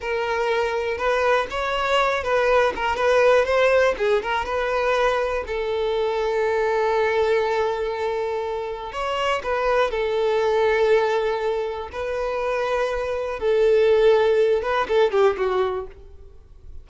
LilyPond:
\new Staff \with { instrumentName = "violin" } { \time 4/4 \tempo 4 = 121 ais'2 b'4 cis''4~ | cis''8 b'4 ais'8 b'4 c''4 | gis'8 ais'8 b'2 a'4~ | a'1~ |
a'2 cis''4 b'4 | a'1 | b'2. a'4~ | a'4. b'8 a'8 g'8 fis'4 | }